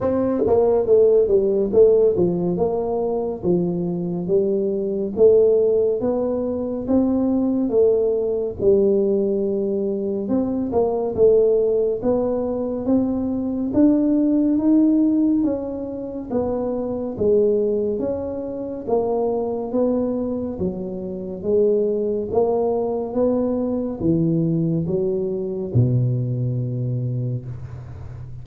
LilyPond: \new Staff \with { instrumentName = "tuba" } { \time 4/4 \tempo 4 = 70 c'8 ais8 a8 g8 a8 f8 ais4 | f4 g4 a4 b4 | c'4 a4 g2 | c'8 ais8 a4 b4 c'4 |
d'4 dis'4 cis'4 b4 | gis4 cis'4 ais4 b4 | fis4 gis4 ais4 b4 | e4 fis4 b,2 | }